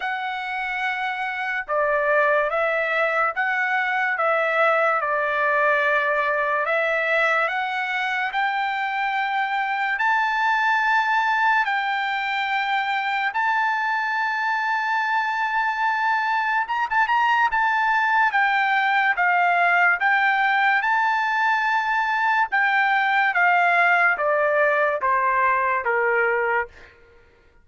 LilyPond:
\new Staff \with { instrumentName = "trumpet" } { \time 4/4 \tempo 4 = 72 fis''2 d''4 e''4 | fis''4 e''4 d''2 | e''4 fis''4 g''2 | a''2 g''2 |
a''1 | ais''16 a''16 ais''8 a''4 g''4 f''4 | g''4 a''2 g''4 | f''4 d''4 c''4 ais'4 | }